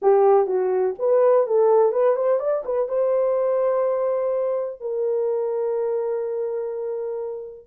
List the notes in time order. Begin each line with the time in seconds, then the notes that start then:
0.02 G4
0.46 F#4
0.98 B4
1.46 A4
1.92 B4
2.16 C5
2.39 D5
2.65 B4
2.88 C5
4.80 A#4